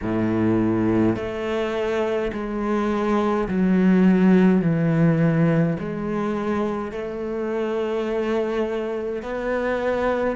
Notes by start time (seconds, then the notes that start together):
0.02 A2
1.15 A3
2.32 G#3
3.48 F#3
4.62 E3
5.80 G#3
6.91 A3
9.22 B3